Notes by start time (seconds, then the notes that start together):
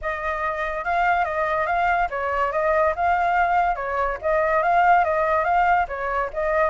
0.01 D#5
0.84 F5
1.24 D#5
1.66 F5
2.10 C#5
2.52 D#5
2.95 F5
3.75 C#5
4.21 D#5
4.62 F5
5.04 D#5
5.44 F5
5.88 C#5
6.33 D#5